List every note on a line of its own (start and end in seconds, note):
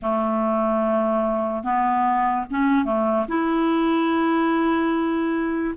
0.02 1.63 A3
1.63 2.45 B3
2.50 2.85 C#4
2.85 3.26 A3
3.28 5.75 E4